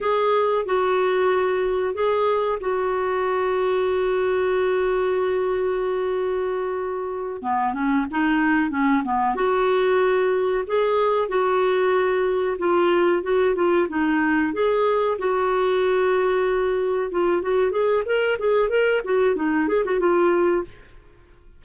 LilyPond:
\new Staff \with { instrumentName = "clarinet" } { \time 4/4 \tempo 4 = 93 gis'4 fis'2 gis'4 | fis'1~ | fis'2.~ fis'8 b8 | cis'8 dis'4 cis'8 b8 fis'4.~ |
fis'8 gis'4 fis'2 f'8~ | f'8 fis'8 f'8 dis'4 gis'4 fis'8~ | fis'2~ fis'8 f'8 fis'8 gis'8 | ais'8 gis'8 ais'8 fis'8 dis'8 gis'16 fis'16 f'4 | }